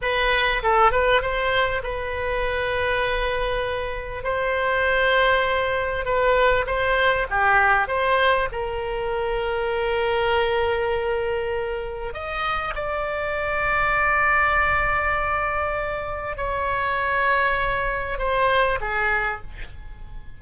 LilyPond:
\new Staff \with { instrumentName = "oboe" } { \time 4/4 \tempo 4 = 99 b'4 a'8 b'8 c''4 b'4~ | b'2. c''4~ | c''2 b'4 c''4 | g'4 c''4 ais'2~ |
ais'1 | dis''4 d''2.~ | d''2. cis''4~ | cis''2 c''4 gis'4 | }